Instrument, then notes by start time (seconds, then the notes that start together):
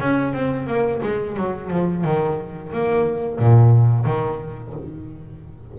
double bass
0.00 C#4
0.33 C4
0.67 A#3
1.03 G#3
1.37 F#3
1.70 F3
2.05 D#3
2.73 A#3
3.39 A#2
4.05 D#3